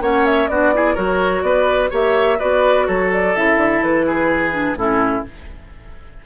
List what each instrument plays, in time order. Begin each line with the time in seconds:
0.00 bassoon A#3, clarinet C#4, oboe C#5, flute F#5
0.25 flute E5
0.48 bassoon B3, clarinet D4, oboe F#4, flute D5
0.74 clarinet E4, oboe G#4
0.94 bassoon F#3, clarinet F#4, oboe A#4, flute C#5
1.42 bassoon B3, oboe B4, flute D5
1.90 bassoon A#3, clarinet G4, oboe C#5, flute E5
2.39 bassoon B3, clarinet F#4, oboe B4, flute D5
2.86 bassoon F#3, oboe A4, flute C#5
3.12 flute D5
3.35 bassoon C#3, clarinet E4, flute E5
3.56 bassoon D3
3.82 bassoon E3, flute B4
4.06 oboe G#4
4.51 clarinet D4
4.73 bassoon A2, clarinet C#4, oboe E4, flute A4